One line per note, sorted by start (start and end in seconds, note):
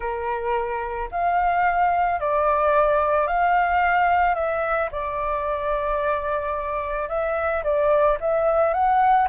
0.00 1.09 A#4
1.11 2.20 F5
2.20 3.27 D5
3.27 4.34 F5
4.34 4.89 E5
4.91 7.08 D5
7.08 7.63 E5
7.63 8.18 D5
8.20 8.73 E5
8.73 9.28 F#5